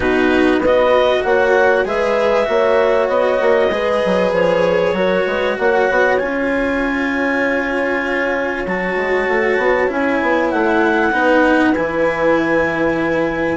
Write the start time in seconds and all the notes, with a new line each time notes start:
0.00 B2 D#4 F#4 B4
0.58 B3 B4
0.65 F#4 D#5
1.23 A#3 C#5 F#5
1.85 G#3 G#4 B4 E5
2.44 A#3 F#4 C#5
3.08 B3 D#5
3.40 A#3
3.70 G#3 G#4 B4
4.05 F#3
4.32 F3 C#5
4.92 F#3 F#4 A#4
5.26 G#3 B4
5.56 A#3 C#5 F#5
5.90 B3
6.18 C#4 F4 G#5
8.66 F#3 F#4 A5
8.96 G#3
9.28 A3
9.57 B3
9.87 C#4 E4 G#5
10.22 B3
10.50 A3 F#5
11.12 B3 D#4 B4
11.74 E3 E4 G#5